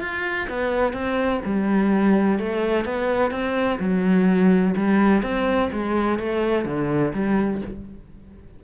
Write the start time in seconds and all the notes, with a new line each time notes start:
0.00 F4
0.49 B3
0.93 C4
1.45 G3
2.39 A3
2.85 B3
3.31 C4
3.79 F#3
4.77 G3
5.23 C4
5.72 G#3
6.19 A3
6.65 D3
7.13 G3